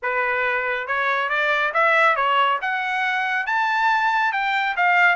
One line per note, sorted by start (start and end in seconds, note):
0.02 0.87 B4
0.87 1.29 C#5
1.29 1.72 D5
1.73 2.16 E5
2.16 2.59 C#5
2.61 3.46 F#5
3.46 4.32 A5
4.32 4.75 G5
4.76 5.15 F5